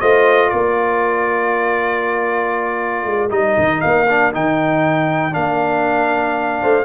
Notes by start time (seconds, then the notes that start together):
0.00 A3 F4 C5 D#5
0.49 A#3 A#4 D5
3.05 G#3
3.30 G3 D#4 D#5
3.58 D#3
3.80 A#3 F5
4.07 D4
4.33 D#3 D#4 G5
5.31 A#3 D4 F5
6.61 A3 C5